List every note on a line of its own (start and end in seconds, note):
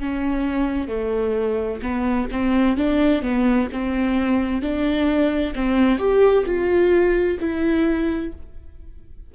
0.00 0.89 C#4
0.89 1.81 A3
1.83 2.29 B3
2.32 2.77 C4
2.77 3.23 D4
3.23 3.69 B3
3.73 4.62 C4
4.62 5.54 D4
5.55 5.98 C4
5.98 6.44 G4
6.46 7.38 F4
7.40 8.32 E4